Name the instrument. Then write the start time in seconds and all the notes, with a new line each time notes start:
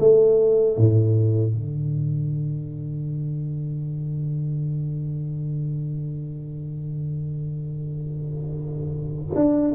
tuba
0.00 A3
0.78 A2
1.54 D3
9.35 D4